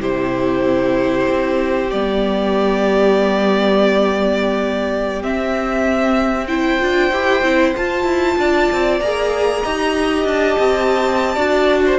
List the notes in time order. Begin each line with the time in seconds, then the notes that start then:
0.00 C3 E4 G4 C5
1.29 C4
1.91 G3 B3 D5
5.22 C4 E5
6.47 E4 C5 G5
6.79 D4 F4
7.11 E4 G4
7.42 C4 E4
7.76 F4 A5
8.04 E4
8.37 D4 D5
8.71 C4
9.00 A#3 G#4 A#5
9.62 D#4 G4 D#5
10.24 D4 A5
10.58 C4
11.35 D4 F#4 D5
11.86 C5